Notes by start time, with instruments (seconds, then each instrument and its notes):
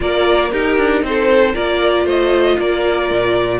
0.00 cello A#3, viola F4, violin A#4 D5
0.51 viola D#4, cello D#4, violin G4 A#4
0.77 cello D4
1.02 cello C4, violin A4 C5
1.53 cello A#3, viola F4, violin A#4 D5
2.05 cello A3, violin C5 D#5
2.58 cello A#3, violin A#4 D5
3.10 cello A#2